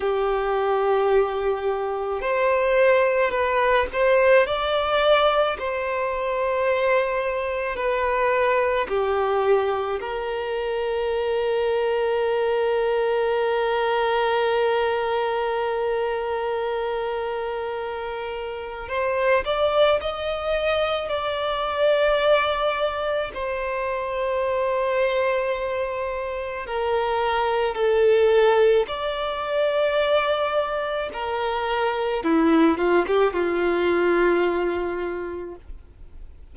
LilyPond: \new Staff \with { instrumentName = "violin" } { \time 4/4 \tempo 4 = 54 g'2 c''4 b'8 c''8 | d''4 c''2 b'4 | g'4 ais'2.~ | ais'1~ |
ais'4 c''8 d''8 dis''4 d''4~ | d''4 c''2. | ais'4 a'4 d''2 | ais'4 e'8 f'16 g'16 f'2 | }